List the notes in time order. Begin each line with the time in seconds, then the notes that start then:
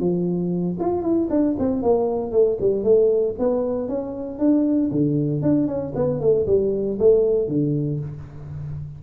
0.00 F3
0.80 F4
1.03 E4
1.30 D4
1.59 C4
1.83 A#3
2.32 A3
2.61 G3
2.84 A3
3.39 B3
3.89 C#4
4.39 D4
4.91 D3
5.42 D4
5.68 C#4
5.96 B3
6.21 A3
6.47 G3
7.00 A3
7.48 D3